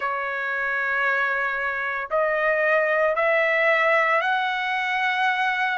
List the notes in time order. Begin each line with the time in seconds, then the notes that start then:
0.00 C#5
2.10 D#5
3.15 E5
4.21 F#5